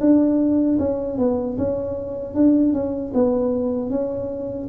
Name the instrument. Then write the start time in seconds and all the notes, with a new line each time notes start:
tuba
0.00 D4
0.79 C#4
1.18 B3
1.57 C#4
2.34 D4
2.73 C#4
3.14 B3
3.90 C#4